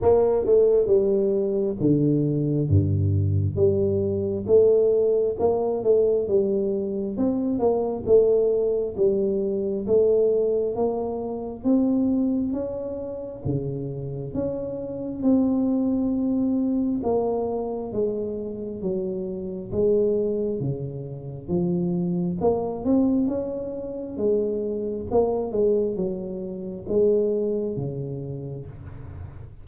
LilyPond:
\new Staff \with { instrumentName = "tuba" } { \time 4/4 \tempo 4 = 67 ais8 a8 g4 d4 g,4 | g4 a4 ais8 a8 g4 | c'8 ais8 a4 g4 a4 | ais4 c'4 cis'4 cis4 |
cis'4 c'2 ais4 | gis4 fis4 gis4 cis4 | f4 ais8 c'8 cis'4 gis4 | ais8 gis8 fis4 gis4 cis4 | }